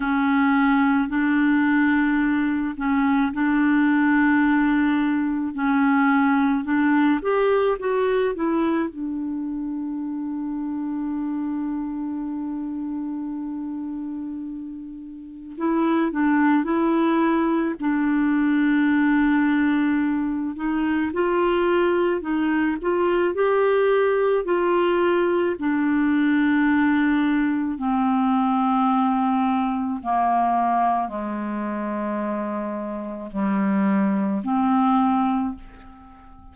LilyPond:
\new Staff \with { instrumentName = "clarinet" } { \time 4/4 \tempo 4 = 54 cis'4 d'4. cis'8 d'4~ | d'4 cis'4 d'8 g'8 fis'8 e'8 | d'1~ | d'2 e'8 d'8 e'4 |
d'2~ d'8 dis'8 f'4 | dis'8 f'8 g'4 f'4 d'4~ | d'4 c'2 ais4 | gis2 g4 c'4 | }